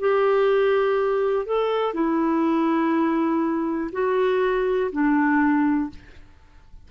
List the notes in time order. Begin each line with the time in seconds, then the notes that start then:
0.00 G4
1.46 A4
1.94 E4
3.93 F#4
4.92 D4